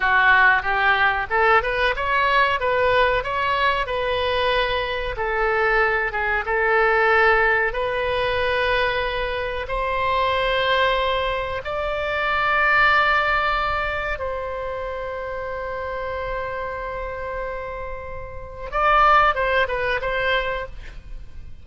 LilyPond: \new Staff \with { instrumentName = "oboe" } { \time 4/4 \tempo 4 = 93 fis'4 g'4 a'8 b'8 cis''4 | b'4 cis''4 b'2 | a'4. gis'8 a'2 | b'2. c''4~ |
c''2 d''2~ | d''2 c''2~ | c''1~ | c''4 d''4 c''8 b'8 c''4 | }